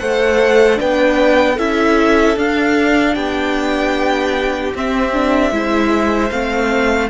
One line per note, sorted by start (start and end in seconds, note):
0.00 0.80 A3
0.00 0.76 A4
0.00 0.80 C5
0.00 0.79 F#5
0.76 1.59 B3
0.76 1.55 D4
0.76 1.55 B4
0.76 1.59 G5
1.55 2.37 C#4
1.55 2.37 E4
1.55 3.13 A4
1.55 2.38 E5
2.37 3.16 D4
2.37 4.75 D4
2.37 3.15 F5
3.15 4.74 B3
3.15 5.52 G4
3.15 4.73 G5
4.75 5.52 C4
4.75 5.13 C4
4.75 6.31 E5
5.13 5.52 D4
5.52 6.31 G#3
5.52 6.31 E4
5.52 7.10 C5
6.31 7.10 A3
6.31 7.10 C4
6.31 7.10 F5